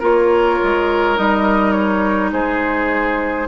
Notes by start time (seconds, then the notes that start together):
0.00 A#3 F4 A#4 C#5
0.63 G#3
1.16 G3 D#4 D#5
1.72 C#5
2.32 G#3 G#4 C5